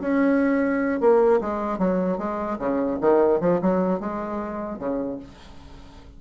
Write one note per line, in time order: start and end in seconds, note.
0.00 1.00 C#4
1.00 1.40 A#3
1.41 1.78 G#3
1.78 2.18 F#3
2.18 2.58 G#3
2.59 2.99 C#3
3.01 3.40 D#3
3.40 3.60 F3
3.61 4.00 F#3
4.00 4.79 G#3
4.79 5.19 C#3